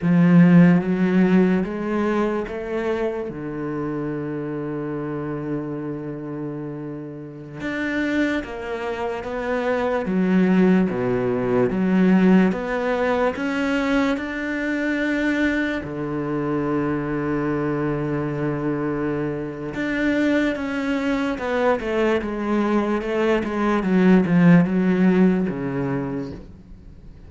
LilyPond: \new Staff \with { instrumentName = "cello" } { \time 4/4 \tempo 4 = 73 f4 fis4 gis4 a4 | d1~ | d4~ d16 d'4 ais4 b8.~ | b16 fis4 b,4 fis4 b8.~ |
b16 cis'4 d'2 d8.~ | d1 | d'4 cis'4 b8 a8 gis4 | a8 gis8 fis8 f8 fis4 cis4 | }